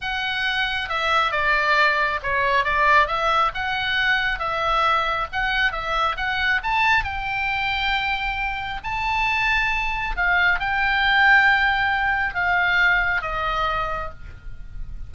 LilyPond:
\new Staff \with { instrumentName = "oboe" } { \time 4/4 \tempo 4 = 136 fis''2 e''4 d''4~ | d''4 cis''4 d''4 e''4 | fis''2 e''2 | fis''4 e''4 fis''4 a''4 |
g''1 | a''2. f''4 | g''1 | f''2 dis''2 | }